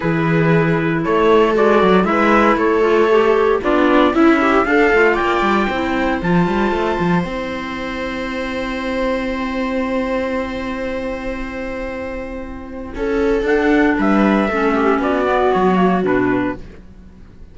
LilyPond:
<<
  \new Staff \with { instrumentName = "trumpet" } { \time 4/4 \tempo 4 = 116 b'2 cis''4 d''4 | e''4 cis''2 d''4 | e''4 f''4 g''2 | a''2 g''2~ |
g''1~ | g''1~ | g''2 fis''4 e''4~ | e''4 d''4 cis''4 b'4 | }
  \new Staff \with { instrumentName = "viola" } { \time 4/4 gis'2 a'2 | b'4 a'2 d'4 | e'8 g'8 a'4 d''4 c''4~ | c''1~ |
c''1~ | c''1~ | c''4 a'2 b'4 | a'8 g'8 fis'2. | }
  \new Staff \with { instrumentName = "clarinet" } { \time 4/4 e'2. fis'4 | e'4. f'8 g'4 f'4 | e'4 d'8 f'4. e'4 | f'2 e'2~ |
e'1~ | e'1~ | e'2 d'2 | cis'4. b4 ais8 d'4 | }
  \new Staff \with { instrumentName = "cello" } { \time 4/4 e2 a4 gis8 fis8 | gis4 a2 b4 | cis'4 d'8 a8 ais8 g8 c'4 | f8 g8 a8 f8 c'2~ |
c'1~ | c'1~ | c'4 cis'4 d'4 g4 | a4 b4 fis4 b,4 | }
>>